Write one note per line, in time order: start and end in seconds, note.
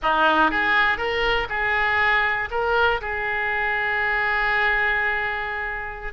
0.02 0.50 D#4
0.50 0.97 G#4
0.97 1.47 A#4
1.49 2.49 G#4
2.50 3.00 A#4
3.01 6.13 G#4